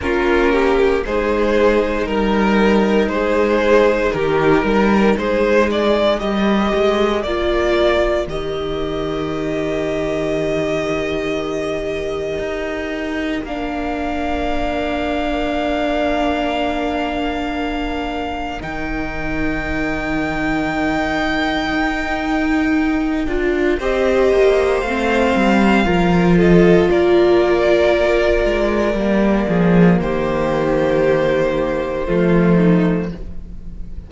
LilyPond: <<
  \new Staff \with { instrumentName = "violin" } { \time 4/4 \tempo 4 = 58 ais'4 c''4 ais'4 c''4 | ais'4 c''8 d''8 dis''4 d''4 | dis''1~ | dis''4 f''2.~ |
f''2 g''2~ | g''2. dis''4 | f''4. dis''8 d''2~ | d''4 c''2. | }
  \new Staff \with { instrumentName = "violin" } { \time 4/4 f'8 g'8 gis'4 ais'4 gis'4 | g'8 ais'8 gis'4 ais'2~ | ais'1~ | ais'1~ |
ais'1~ | ais'2. c''4~ | c''4 ais'8 a'8 ais'2~ | ais'8 gis'8 g'2 f'8 dis'8 | }
  \new Staff \with { instrumentName = "viola" } { \time 4/4 cis'4 dis'2.~ | dis'2 g'4 f'4 | g'1~ | g'4 d'2.~ |
d'2 dis'2~ | dis'2~ dis'8 f'8 g'4 | c'4 f'2. | ais2. a4 | }
  \new Staff \with { instrumentName = "cello" } { \time 4/4 ais4 gis4 g4 gis4 | dis8 g8 gis4 g8 gis8 ais4 | dis1 | dis'4 ais2.~ |
ais2 dis2~ | dis4 dis'4. d'8 c'8 ais8 | a8 g8 f4 ais4. gis8 | g8 f8 dis2 f4 | }
>>